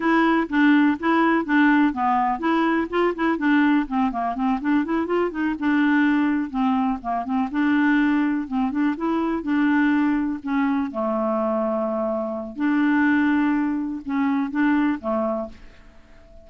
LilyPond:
\new Staff \with { instrumentName = "clarinet" } { \time 4/4 \tempo 4 = 124 e'4 d'4 e'4 d'4 | b4 e'4 f'8 e'8 d'4 | c'8 ais8 c'8 d'8 e'8 f'8 dis'8 d'8~ | d'4. c'4 ais8 c'8 d'8~ |
d'4. c'8 d'8 e'4 d'8~ | d'4. cis'4 a4.~ | a2 d'2~ | d'4 cis'4 d'4 a4 | }